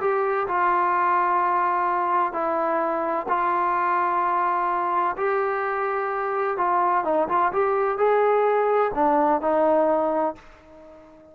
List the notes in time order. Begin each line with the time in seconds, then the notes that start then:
0.00 G4
0.48 F4
2.32 E4
3.28 F4
5.17 G4
6.57 F4
7.04 D#4
7.28 F4
7.52 G4
7.98 G#4
8.94 D4
9.41 D#4